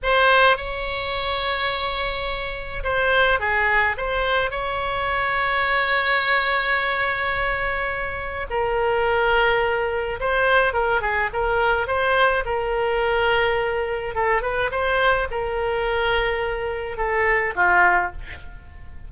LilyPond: \new Staff \with { instrumentName = "oboe" } { \time 4/4 \tempo 4 = 106 c''4 cis''2.~ | cis''4 c''4 gis'4 c''4 | cis''1~ | cis''2. ais'4~ |
ais'2 c''4 ais'8 gis'8 | ais'4 c''4 ais'2~ | ais'4 a'8 b'8 c''4 ais'4~ | ais'2 a'4 f'4 | }